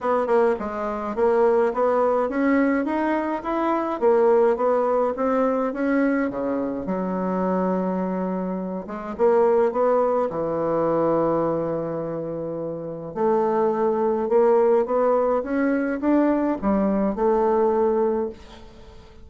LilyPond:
\new Staff \with { instrumentName = "bassoon" } { \time 4/4 \tempo 4 = 105 b8 ais8 gis4 ais4 b4 | cis'4 dis'4 e'4 ais4 | b4 c'4 cis'4 cis4 | fis2.~ fis8 gis8 |
ais4 b4 e2~ | e2. a4~ | a4 ais4 b4 cis'4 | d'4 g4 a2 | }